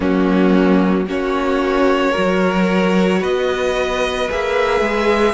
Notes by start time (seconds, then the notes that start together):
0.00 F#3 A#3 C#4 F#4
1.06 A#3 C#4 F#4 C#5
2.11 F#3 F#4 A#4
3.20 B3 B4 D#5
4.30 A#3 G#4 E5
4.80 G#3